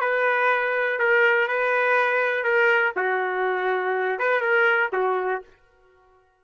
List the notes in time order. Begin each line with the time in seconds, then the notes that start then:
0.00 B4
0.99 A#4
1.48 B4
2.43 A#4
2.96 F#4
4.19 B4
4.40 A#4
4.92 F#4